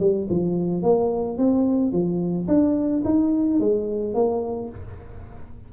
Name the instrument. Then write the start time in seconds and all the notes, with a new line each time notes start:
tuba
0.00 G3
0.30 F3
0.83 A#3
1.38 C4
1.92 F3
2.48 D4
3.05 D#4
3.60 G#3
4.14 A#3